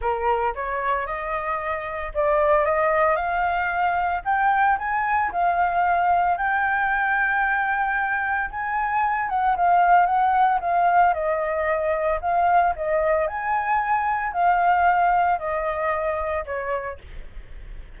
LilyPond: \new Staff \with { instrumentName = "flute" } { \time 4/4 \tempo 4 = 113 ais'4 cis''4 dis''2 | d''4 dis''4 f''2 | g''4 gis''4 f''2 | g''1 |
gis''4. fis''8 f''4 fis''4 | f''4 dis''2 f''4 | dis''4 gis''2 f''4~ | f''4 dis''2 cis''4 | }